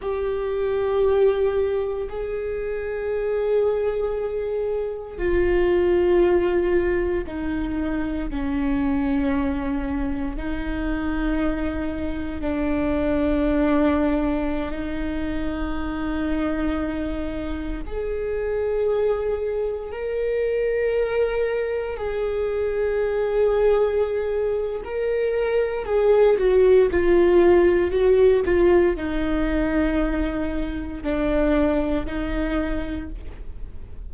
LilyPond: \new Staff \with { instrumentName = "viola" } { \time 4/4 \tempo 4 = 58 g'2 gis'2~ | gis'4 f'2 dis'4 | cis'2 dis'2 | d'2~ d'16 dis'4.~ dis'16~ |
dis'4~ dis'16 gis'2 ais'8.~ | ais'4~ ais'16 gis'2~ gis'8. | ais'4 gis'8 fis'8 f'4 fis'8 f'8 | dis'2 d'4 dis'4 | }